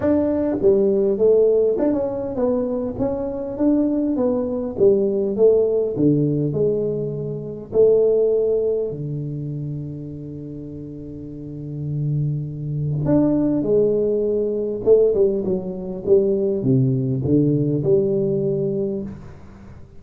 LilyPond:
\new Staff \with { instrumentName = "tuba" } { \time 4/4 \tempo 4 = 101 d'4 g4 a4 d'16 cis'8. | b4 cis'4 d'4 b4 | g4 a4 d4 gis4~ | gis4 a2 d4~ |
d1~ | d2 d'4 gis4~ | gis4 a8 g8 fis4 g4 | c4 d4 g2 | }